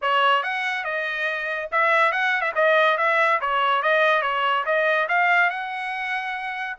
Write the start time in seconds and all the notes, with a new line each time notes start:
0.01 C#5
0.43 F#5
0.84 D#5
1.71 E5
2.12 F#5
2.41 E5
2.55 D#5
2.97 E5
3.40 C#5
3.82 D#5
4.22 C#5
4.65 D#5
5.08 F5
5.49 F#5